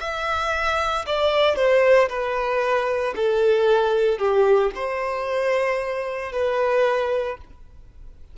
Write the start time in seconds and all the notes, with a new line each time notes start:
0.00 E5
1.06 D5
1.56 C5
2.09 B4
3.15 A4
4.18 G4
4.75 C5
6.32 B4